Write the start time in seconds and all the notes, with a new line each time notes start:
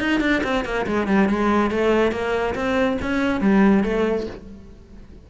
0.00 D#4
0.21 D4
0.44 C4
0.65 A#3
0.86 G#3
1.07 G3
1.29 G#3
1.71 A3
2.12 A#3
2.55 C4
3.02 C#4
3.41 G3
3.84 A3